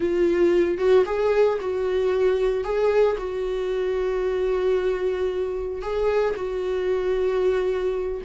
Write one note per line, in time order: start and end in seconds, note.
0.00 0.77 F4
0.77 1.04 F#4
1.05 1.58 G#4
1.60 2.64 F#4
2.64 3.17 G#4
3.17 5.81 F#4
5.81 6.35 G#4
6.35 8.21 F#4